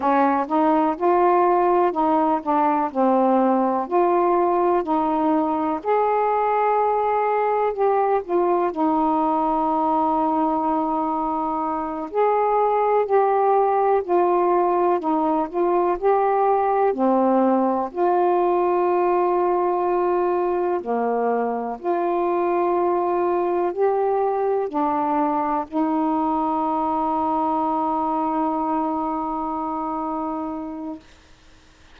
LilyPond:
\new Staff \with { instrumentName = "saxophone" } { \time 4/4 \tempo 4 = 62 cis'8 dis'8 f'4 dis'8 d'8 c'4 | f'4 dis'4 gis'2 | g'8 f'8 dis'2.~ | dis'8 gis'4 g'4 f'4 dis'8 |
f'8 g'4 c'4 f'4.~ | f'4. ais4 f'4.~ | f'8 g'4 d'4 dis'4.~ | dis'1 | }